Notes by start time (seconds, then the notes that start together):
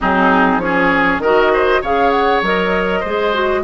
0.01 F#3 C4 D#4 G#4
0.57 F3 C#4 C#5
0.64 G#4
1.18 D#3 F#4 A#4 D#5
1.53 C5
1.81 C#3 G#4 C#5 F5
2.10 F#5
2.41 F#3 A#4 D#5
3.00 G#3 C5
3.06 G#4
3.33 F#4